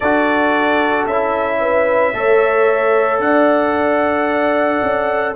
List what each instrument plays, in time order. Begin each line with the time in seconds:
0.00 tuba D4, trombone F#4, horn A4, trumpet D5
1.06 tuba C#4, trombone E4, trumpet E5
1.60 horn B4
2.13 tuba A3, trombone A4, horn C#5
3.19 tuba D4, horn D5, trumpet F#5
4.82 tuba C#4